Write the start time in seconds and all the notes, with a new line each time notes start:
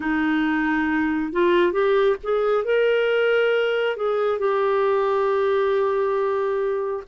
0.00 D#4
1.32 F4
1.72 G4
2.23 G#4
2.64 A#4
3.96 G#4
4.38 G4